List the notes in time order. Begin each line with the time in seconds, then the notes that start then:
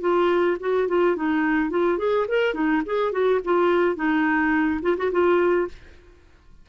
0.00 F4
0.59 F#4
0.88 F4
1.16 D#4
1.70 F4
1.98 G#4
2.28 A#4
2.53 D#4
2.85 G#4
3.11 F#4
3.44 F4
3.95 D#4
4.82 F4
4.97 F#4
5.11 F4